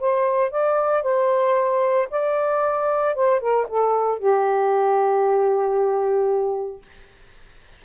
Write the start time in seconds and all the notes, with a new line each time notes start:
0.00 C5
0.51 D5
1.03 C5
2.10 D5
3.15 C5
3.40 A#4
3.68 A4
4.19 G4